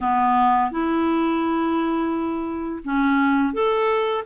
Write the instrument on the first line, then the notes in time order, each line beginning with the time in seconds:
clarinet
0.00 B3
0.71 E4
2.84 C#4
3.53 A4